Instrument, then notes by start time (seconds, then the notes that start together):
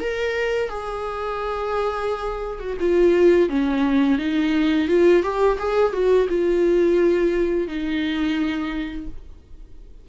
viola
0.00 A#4
0.69 G#4
2.60 F#4
2.80 F4
3.49 C#4
4.19 D#4
4.88 F4
5.23 G4
5.59 G#4
5.93 F#4
6.29 F4
7.68 D#4